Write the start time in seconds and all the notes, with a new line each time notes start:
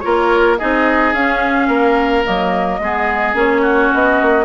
0.00 A#3 F4 A#4 C#5
0.58 C4 D#4 G#4 D#5
1.13 C#4 F5
1.67 A#3 A#4
2.24 F#3 A#3 D#5
2.79 G#3 B3 G#4
3.34 A#3 C#4 C#5
3.62 F#4
3.94 B3 D#5
4.22 A#3